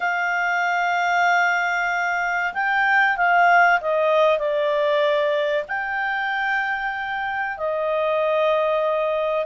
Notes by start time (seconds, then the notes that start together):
0.00 F5
2.53 G5
3.16 F5
3.80 D#5
4.38 D5
5.68 G5
7.57 D#5